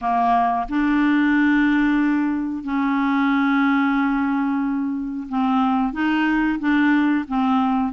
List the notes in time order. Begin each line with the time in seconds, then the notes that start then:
0.01 A#3
0.68 D4
2.63 C#4
5.28 C4
5.93 D#4
6.59 D4
7.28 C4